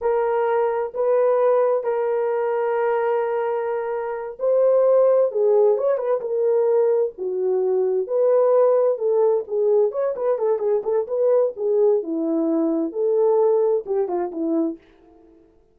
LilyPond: \new Staff \with { instrumentName = "horn" } { \time 4/4 \tempo 4 = 130 ais'2 b'2 | ais'1~ | ais'4. c''2 gis'8~ | gis'8 cis''8 b'8 ais'2 fis'8~ |
fis'4. b'2 a'8~ | a'8 gis'4 cis''8 b'8 a'8 gis'8 a'8 | b'4 gis'4 e'2 | a'2 g'8 f'8 e'4 | }